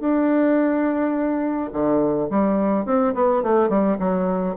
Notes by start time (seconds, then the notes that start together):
0.00 D4
1.73 D3
2.30 G3
2.86 C4
3.14 B3
3.43 A3
3.69 G3
3.99 F#3